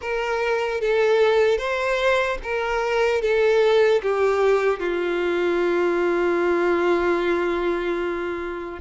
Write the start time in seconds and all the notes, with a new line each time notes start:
0.01 A#4
0.80 A4
1.58 C5
2.43 A#4
3.21 A4
4.02 G4
4.79 F4